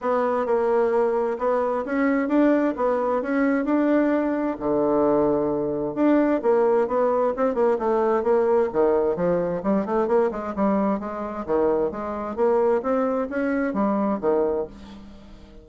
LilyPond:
\new Staff \with { instrumentName = "bassoon" } { \time 4/4 \tempo 4 = 131 b4 ais2 b4 | cis'4 d'4 b4 cis'4 | d'2 d2~ | d4 d'4 ais4 b4 |
c'8 ais8 a4 ais4 dis4 | f4 g8 a8 ais8 gis8 g4 | gis4 dis4 gis4 ais4 | c'4 cis'4 g4 dis4 | }